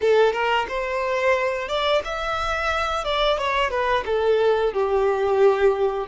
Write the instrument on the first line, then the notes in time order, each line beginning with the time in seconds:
violin
0.01 A4
0.32 A#4
0.68 C5
1.68 D5
2.04 E5
3.04 D5
3.37 C#5
3.70 B4
4.05 A4
4.73 G4